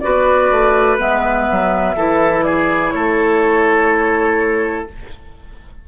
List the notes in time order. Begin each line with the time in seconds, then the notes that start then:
0.00 B3 F#4 B4 D5
0.51 A3
0.98 G#3 B3 E5
1.51 F#3
1.96 E3 E4 A4
2.43 G#4 D5
2.91 A3 A4 C#5